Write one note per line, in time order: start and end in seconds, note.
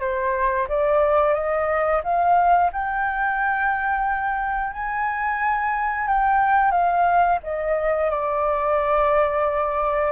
0.00 0.67 C5
0.68 1.34 D5
1.34 2.01 D#5
2.04 2.71 F5
2.72 4.73 G5
4.73 6.08 G#5
6.08 6.71 G5
6.71 7.39 F5
7.43 8.11 D#5
8.11 10.12 D5